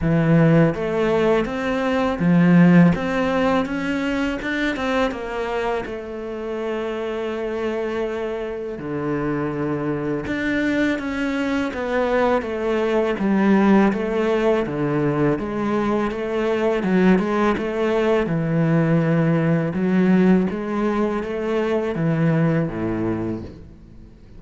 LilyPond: \new Staff \with { instrumentName = "cello" } { \time 4/4 \tempo 4 = 82 e4 a4 c'4 f4 | c'4 cis'4 d'8 c'8 ais4 | a1 | d2 d'4 cis'4 |
b4 a4 g4 a4 | d4 gis4 a4 fis8 gis8 | a4 e2 fis4 | gis4 a4 e4 a,4 | }